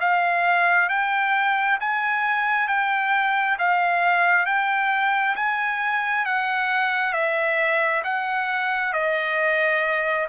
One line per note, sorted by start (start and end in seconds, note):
0.00 0.89 F5
0.89 1.78 G5
1.80 2.67 G#5
2.67 3.57 G5
3.58 4.45 F5
4.45 5.35 G5
5.36 6.25 G#5
6.25 7.13 F#5
7.13 8.02 E5
8.04 8.93 F#5
8.93 10.27 D#5